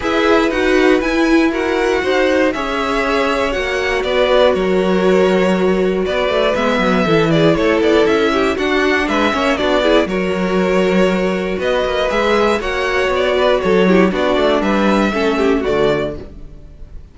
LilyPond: <<
  \new Staff \with { instrumentName = "violin" } { \time 4/4 \tempo 4 = 119 e''4 fis''4 gis''4 fis''4~ | fis''4 e''2 fis''4 | d''4 cis''2. | d''4 e''4. d''8 cis''8 d''8 |
e''4 fis''4 e''4 d''4 | cis''2. dis''4 | e''4 fis''4 d''4 cis''4 | d''4 e''2 d''4 | }
  \new Staff \with { instrumentName = "violin" } { \time 4/4 b'2. ais'4 | c''4 cis''2. | b'4 ais'2. | b'2 a'8 gis'8 a'4~ |
a'8 g'8 fis'4 b'8 cis''8 fis'8 gis'8 | ais'2. b'4~ | b'4 cis''4. b'8 a'8 g'8 | fis'4 b'4 a'8 g'8 fis'4 | }
  \new Staff \with { instrumentName = "viola" } { \time 4/4 gis'4 fis'4 e'4 fis'4~ | fis'4 gis'2 fis'4~ | fis'1~ | fis'4 b4 e'2~ |
e'4 d'4. cis'8 d'8 e'8 | fis'1 | gis'4 fis'2~ fis'8 e'8 | d'2 cis'4 a4 | }
  \new Staff \with { instrumentName = "cello" } { \time 4/4 e'4 dis'4 e'2 | dis'4 cis'2 ais4 | b4 fis2. | b8 a8 gis8 fis8 e4 a8 b8 |
cis'4 d'4 gis8 ais8 b4 | fis2. b8 ais8 | gis4 ais4 b4 fis4 | b8 a8 g4 a4 d4 | }
>>